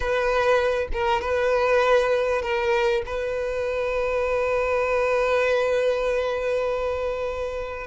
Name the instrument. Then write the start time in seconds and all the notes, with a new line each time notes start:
violin
0.00 B4
0.93 A#4
1.21 B4
2.42 A#4
3.06 B4